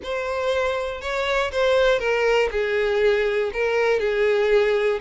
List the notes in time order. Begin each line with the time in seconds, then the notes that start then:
0.03 C5
1.01 C#5
1.51 C5
1.99 A#4
2.51 G#4
3.53 A#4
3.99 G#4